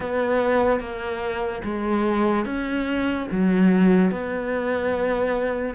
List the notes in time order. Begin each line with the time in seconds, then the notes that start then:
0.00 B3
0.80 A#3
1.64 G#3
2.45 C#4
3.31 F#3
4.11 B3